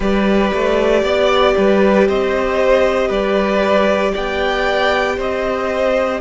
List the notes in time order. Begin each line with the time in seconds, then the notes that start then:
0.00 G3 G4 B4 D5
0.53 A3
1.03 B3 D5
1.57 G3 B4
2.08 C4 C5 D#5
3.08 G3 B4 D5
4.12 B3 D5 G5
5.16 C4 C5 D#5